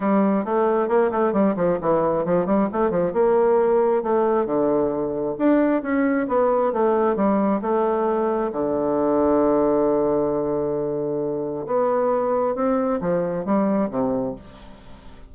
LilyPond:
\new Staff \with { instrumentName = "bassoon" } { \time 4/4 \tempo 4 = 134 g4 a4 ais8 a8 g8 f8 | e4 f8 g8 a8 f8 ais4~ | ais4 a4 d2 | d'4 cis'4 b4 a4 |
g4 a2 d4~ | d1~ | d2 b2 | c'4 f4 g4 c4 | }